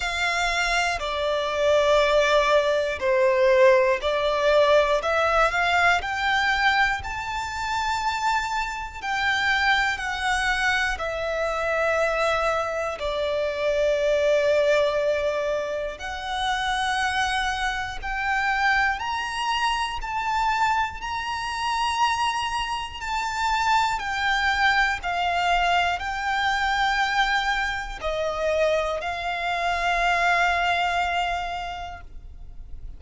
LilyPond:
\new Staff \with { instrumentName = "violin" } { \time 4/4 \tempo 4 = 60 f''4 d''2 c''4 | d''4 e''8 f''8 g''4 a''4~ | a''4 g''4 fis''4 e''4~ | e''4 d''2. |
fis''2 g''4 ais''4 | a''4 ais''2 a''4 | g''4 f''4 g''2 | dis''4 f''2. | }